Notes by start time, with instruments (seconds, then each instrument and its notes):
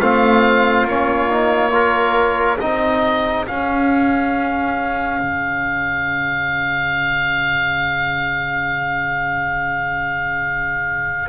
0.00 double bass A3, trombone C4, trumpet F4, oboe F5
0.85 double bass A#3, trombone C#4, oboe C#5
1.29 trombone D#4
1.71 trombone F4, trumpet A#4
2.59 double bass C4, trombone D#4, trumpet G#4, oboe D#5
3.47 trombone C#4, double bass C#4, oboe F5
5.19 double bass C#3